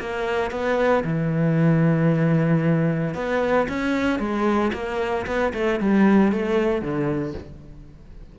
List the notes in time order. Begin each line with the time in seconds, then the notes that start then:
0.00 A#3
0.51 B3
1.04 E3
3.15 B3
3.68 C#4
4.19 G#3
4.73 A#3
5.26 B3
5.54 A3
5.80 G3
6.32 A3
6.81 D3